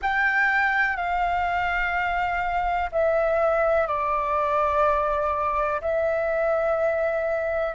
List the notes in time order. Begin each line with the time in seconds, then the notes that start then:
0.01 G5
0.96 F5
2.92 E5
3.87 D5
5.81 E5